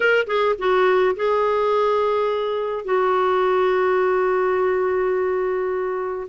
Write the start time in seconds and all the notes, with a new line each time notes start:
0.00 A#4
0.26 G#4
0.58 F#4
1.16 G#4
2.84 F#4